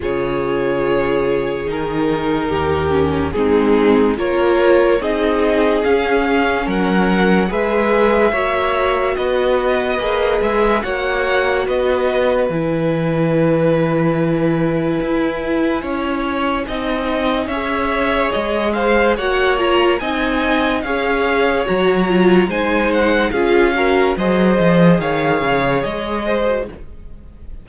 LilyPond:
<<
  \new Staff \with { instrumentName = "violin" } { \time 4/4 \tempo 4 = 72 cis''2 ais'2 | gis'4 cis''4 dis''4 f''4 | fis''4 e''2 dis''4~ | dis''8 e''8 fis''4 dis''4 gis''4~ |
gis''1~ | gis''4 e''4 dis''8 f''8 fis''8 ais''8 | gis''4 f''4 ais''4 gis''8 fis''8 | f''4 dis''4 f''4 dis''4 | }
  \new Staff \with { instrumentName = "violin" } { \time 4/4 gis'2. g'4 | dis'4 ais'4 gis'2 | ais'4 b'4 cis''4 b'4~ | b'4 cis''4 b'2~ |
b'2. cis''4 | dis''4 cis''4. c''8 cis''4 | dis''4 cis''2 c''4 | gis'8 ais'8 c''4 cis''4. c''8 | }
  \new Staff \with { instrumentName = "viola" } { \time 4/4 f'2 dis'4. cis'8 | c'4 f'4 dis'4 cis'4~ | cis'4 gis'4 fis'2 | gis'4 fis'2 e'4~ |
e'1 | dis'4 gis'2 fis'8 f'8 | dis'4 gis'4 fis'8 f'8 dis'4 | f'8 fis'8 gis'2~ gis'8. fis'16 | }
  \new Staff \with { instrumentName = "cello" } { \time 4/4 cis2 dis4 dis,4 | gis4 ais4 c'4 cis'4 | fis4 gis4 ais4 b4 | ais8 gis8 ais4 b4 e4~ |
e2 e'4 cis'4 | c'4 cis'4 gis4 ais4 | c'4 cis'4 fis4 gis4 | cis'4 fis8 f8 dis8 cis8 gis4 | }
>>